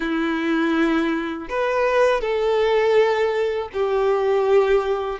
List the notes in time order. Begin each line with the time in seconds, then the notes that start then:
0.00 E4
1.49 B4
2.20 A4
3.73 G4